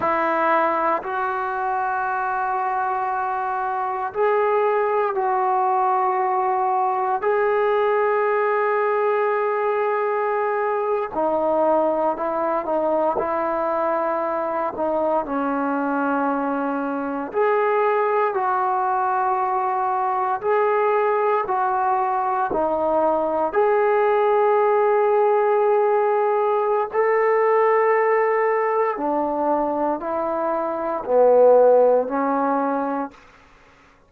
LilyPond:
\new Staff \with { instrumentName = "trombone" } { \time 4/4 \tempo 4 = 58 e'4 fis'2. | gis'4 fis'2 gis'4~ | gis'2~ gis'8. dis'4 e'16~ | e'16 dis'8 e'4. dis'8 cis'4~ cis'16~ |
cis'8. gis'4 fis'2 gis'16~ | gis'8. fis'4 dis'4 gis'4~ gis'16~ | gis'2 a'2 | d'4 e'4 b4 cis'4 | }